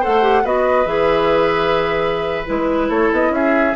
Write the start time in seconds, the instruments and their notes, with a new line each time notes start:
0.00 bassoon A3, clarinet A4, oboe C5, flute F#5
0.22 clarinet G4
0.44 bassoon B3, clarinet F#4, oboe B4, flute D#5
0.85 bassoon E3, clarinet G#4, flute E5
2.45 bassoon G#3, clarinet E4, flute B4
2.88 bassoon A3, oboe A4, flute C#5
3.12 bassoon B3, flute D#5
3.30 bassoon C#4, oboe G#4, flute E5